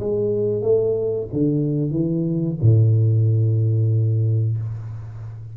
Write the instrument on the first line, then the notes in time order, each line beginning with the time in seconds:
tuba
0.00 G#3
0.62 A3
1.33 D3
1.91 E3
2.61 A2